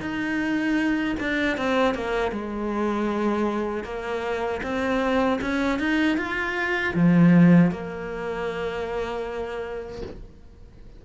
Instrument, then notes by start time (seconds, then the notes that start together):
cello
0.00 D#4
1.20 D4
1.57 C4
1.94 A#3
2.31 G#3
3.84 A#3
4.63 C4
5.41 C#4
5.79 D#4
6.17 F4
6.94 F3
7.71 A#3